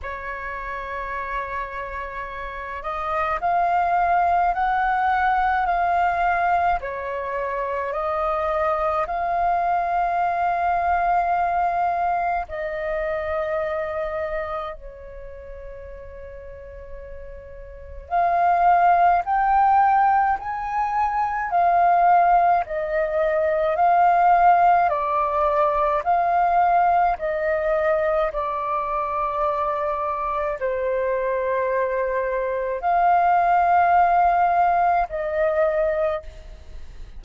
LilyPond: \new Staff \with { instrumentName = "flute" } { \time 4/4 \tempo 4 = 53 cis''2~ cis''8 dis''8 f''4 | fis''4 f''4 cis''4 dis''4 | f''2. dis''4~ | dis''4 cis''2. |
f''4 g''4 gis''4 f''4 | dis''4 f''4 d''4 f''4 | dis''4 d''2 c''4~ | c''4 f''2 dis''4 | }